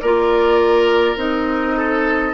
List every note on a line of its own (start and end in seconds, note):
0.00 1.16 A#3
0.00 1.17 F4
0.00 1.77 A#4
0.00 1.18 D5
1.16 2.34 C4
1.16 2.34 D#4
1.16 2.34 D#5
1.77 2.34 A4